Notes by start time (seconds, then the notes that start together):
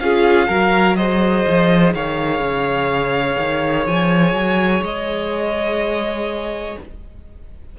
0.00 C#4 F4 G#4 F5
0.48 F#3 F#4 A#4
0.96 G#4 C5 D#5
1.48 F3
1.94 D#3 C#5 F5
2.40 C#3
3.39 D#3
3.87 F3 G#5
4.33 F#3
4.82 G#3 D#5